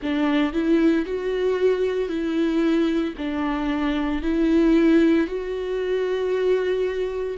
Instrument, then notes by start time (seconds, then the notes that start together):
viola
0.02 D4
0.53 E4
1.05 F#4
2.08 E4
3.17 D4
4.22 E4
5.27 F#4